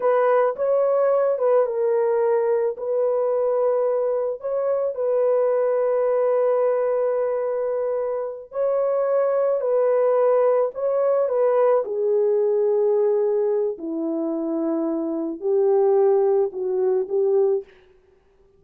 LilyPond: \new Staff \with { instrumentName = "horn" } { \time 4/4 \tempo 4 = 109 b'4 cis''4. b'8 ais'4~ | ais'4 b'2. | cis''4 b'2.~ | b'2.~ b'8 cis''8~ |
cis''4. b'2 cis''8~ | cis''8 b'4 gis'2~ gis'8~ | gis'4 e'2. | g'2 fis'4 g'4 | }